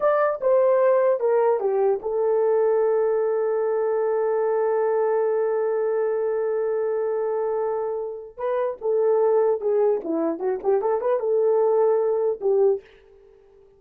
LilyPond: \new Staff \with { instrumentName = "horn" } { \time 4/4 \tempo 4 = 150 d''4 c''2 ais'4 | g'4 a'2.~ | a'1~ | a'1~ |
a'1~ | a'4 b'4 a'2 | gis'4 e'4 fis'8 g'8 a'8 b'8 | a'2. g'4 | }